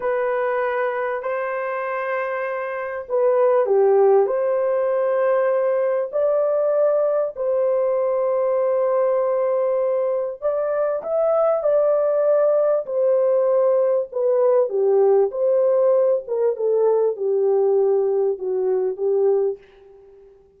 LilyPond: \new Staff \with { instrumentName = "horn" } { \time 4/4 \tempo 4 = 98 b'2 c''2~ | c''4 b'4 g'4 c''4~ | c''2 d''2 | c''1~ |
c''4 d''4 e''4 d''4~ | d''4 c''2 b'4 | g'4 c''4. ais'8 a'4 | g'2 fis'4 g'4 | }